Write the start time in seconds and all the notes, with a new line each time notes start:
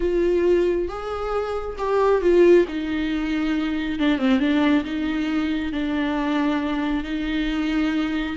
0.00 F4
0.88 G#4
1.78 G4
2.21 F4
2.68 D#4
3.99 D4
4.18 C4
4.39 D4
4.84 D#4
5.72 D4
7.04 D#4